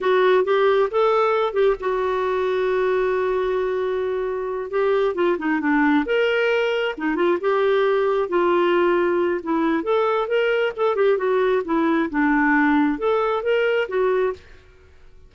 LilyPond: \new Staff \with { instrumentName = "clarinet" } { \time 4/4 \tempo 4 = 134 fis'4 g'4 a'4. g'8 | fis'1~ | fis'2~ fis'8 g'4 f'8 | dis'8 d'4 ais'2 dis'8 |
f'8 g'2 f'4.~ | f'4 e'4 a'4 ais'4 | a'8 g'8 fis'4 e'4 d'4~ | d'4 a'4 ais'4 fis'4 | }